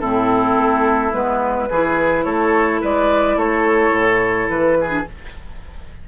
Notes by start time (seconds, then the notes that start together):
0.00 A2 C4 E4 A4
0.57 A3
1.12 G#3 B3 B4
1.70 E3 E4 G#4
2.24 A3 A4 C#5
2.81 G#3 B4 D5
3.36 A3 A4 C#5
3.91 A2
4.49 E3 B4
4.80 G#4
4.89 D4